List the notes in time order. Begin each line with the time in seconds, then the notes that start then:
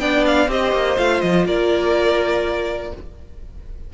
0.00 B3 D4 D5 G5
0.26 F5
0.48 C4 G4 C5 D#5
0.72 A#3
0.96 A3 F4 F5
1.21 F3 D#5
1.46 A#3 A#4 D5